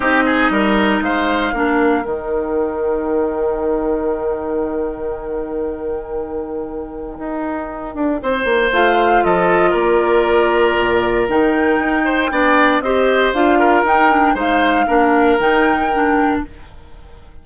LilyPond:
<<
  \new Staff \with { instrumentName = "flute" } { \time 4/4 \tempo 4 = 117 dis''2 f''2 | g''1~ | g''1~ | g''1~ |
g''4 f''4 dis''4 d''4~ | d''2 g''2~ | g''4 dis''4 f''4 g''4 | f''2 g''2 | }
  \new Staff \with { instrumentName = "oboe" } { \time 4/4 g'8 gis'8 ais'4 c''4 ais'4~ | ais'1~ | ais'1~ | ais'1 |
c''2 a'4 ais'4~ | ais'2.~ ais'8 c''8 | d''4 c''4. ais'4. | c''4 ais'2. | }
  \new Staff \with { instrumentName = "clarinet" } { \time 4/4 dis'2. d'4 | dis'1~ | dis'1~ | dis'1~ |
dis'4 f'2.~ | f'2 dis'2 | d'4 g'4 f'4 dis'8 d'8 | dis'4 d'4 dis'4 d'4 | }
  \new Staff \with { instrumentName = "bassoon" } { \time 4/4 c'4 g4 gis4 ais4 | dis1~ | dis1~ | dis2 dis'4. d'8 |
c'8 ais8 a4 f4 ais4~ | ais4 ais,4 dis4 dis'4 | b4 c'4 d'4 dis'4 | gis4 ais4 dis2 | }
>>